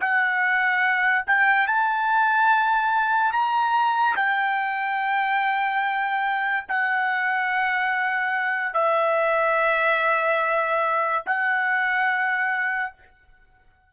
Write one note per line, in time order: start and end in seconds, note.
0.00 1.25 F#5
1.27 1.67 G5
1.67 3.32 A5
3.32 4.16 A#5
4.16 6.66 G5
6.68 8.73 F#5
8.73 11.23 E5
11.26 12.93 F#5